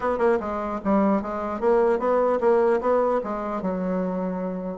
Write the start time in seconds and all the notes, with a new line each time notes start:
0.00 B3
0.18 A#3
0.39 G#3
0.84 G3
1.22 G#3
1.60 A#3
1.99 B3
2.40 A#3
2.80 B3
3.23 G#3
3.62 F#3